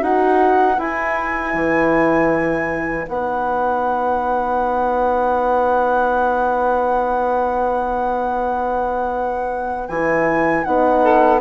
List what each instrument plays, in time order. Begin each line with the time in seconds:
0.00 bassoon D#4, horn F#4, saxophone B4, flute F#5
0.78 horn E4, bassoon E4, flute G#5
1.54 bassoon E3
3.04 bassoon B3, horn D#4, flute F#5
9.89 bassoon E3, horn E4, flute G#5
10.64 bassoon B3, horn D#4, flute F#5
11.03 saxophone A4